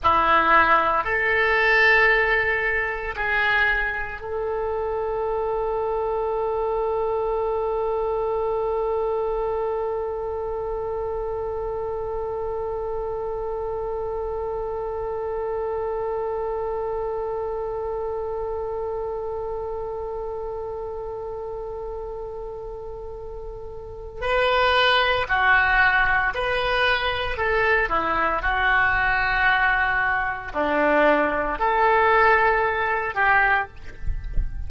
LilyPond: \new Staff \with { instrumentName = "oboe" } { \time 4/4 \tempo 4 = 57 e'4 a'2 gis'4 | a'1~ | a'1~ | a'1~ |
a'1~ | a'2. b'4 | fis'4 b'4 a'8 e'8 fis'4~ | fis'4 d'4 a'4. g'8 | }